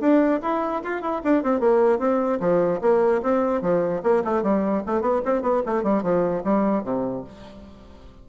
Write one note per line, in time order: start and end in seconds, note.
0.00 0.40 D4
0.42 0.82 E4
0.83 1.01 F4
1.01 1.21 E4
1.24 1.43 D4
1.43 1.60 C4
1.60 1.99 A#3
1.99 2.39 C4
2.40 2.80 F3
2.81 3.21 A#3
3.22 3.61 C4
3.61 4.02 F3
4.03 4.23 A#3
4.24 4.43 A3
4.43 4.83 G3
4.86 5.01 A3
5.01 5.21 B3
5.25 5.42 C4
5.42 5.62 B3
5.66 5.83 A3
5.83 6.03 G3
6.03 6.43 F3
6.44 6.83 G3
6.83 7.24 C3